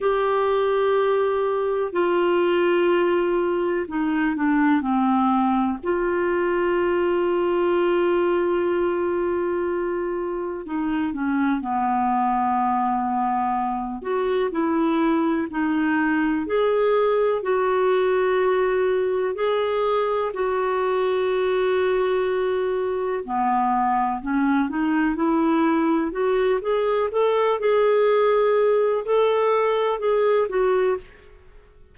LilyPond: \new Staff \with { instrumentName = "clarinet" } { \time 4/4 \tempo 4 = 62 g'2 f'2 | dis'8 d'8 c'4 f'2~ | f'2. dis'8 cis'8 | b2~ b8 fis'8 e'4 |
dis'4 gis'4 fis'2 | gis'4 fis'2. | b4 cis'8 dis'8 e'4 fis'8 gis'8 | a'8 gis'4. a'4 gis'8 fis'8 | }